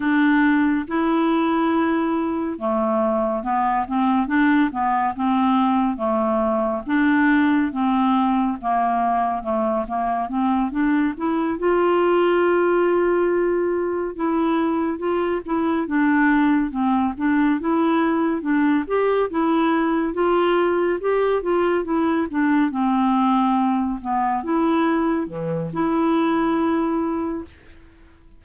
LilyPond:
\new Staff \with { instrumentName = "clarinet" } { \time 4/4 \tempo 4 = 70 d'4 e'2 a4 | b8 c'8 d'8 b8 c'4 a4 | d'4 c'4 ais4 a8 ais8 | c'8 d'8 e'8 f'2~ f'8~ |
f'8 e'4 f'8 e'8 d'4 c'8 | d'8 e'4 d'8 g'8 e'4 f'8~ | f'8 g'8 f'8 e'8 d'8 c'4. | b8 e'4 e8 e'2 | }